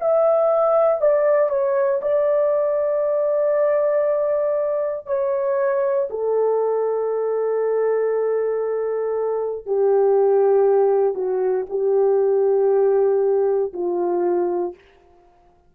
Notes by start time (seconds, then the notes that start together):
0.00 E5
1.01 D5
1.49 C#5
2.01 D5
5.06 C#5
6.10 A4
9.66 G4
11.14 F#4
11.69 G4
13.73 F4